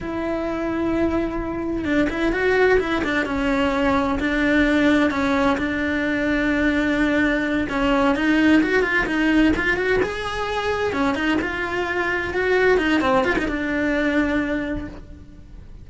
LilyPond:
\new Staff \with { instrumentName = "cello" } { \time 4/4 \tempo 4 = 129 e'1 | d'8 e'8 fis'4 e'8 d'8 cis'4~ | cis'4 d'2 cis'4 | d'1~ |
d'8 cis'4 dis'4 fis'8 f'8 dis'8~ | dis'8 f'8 fis'8 gis'2 cis'8 | dis'8 f'2 fis'4 dis'8 | c'8 f'16 dis'16 d'2. | }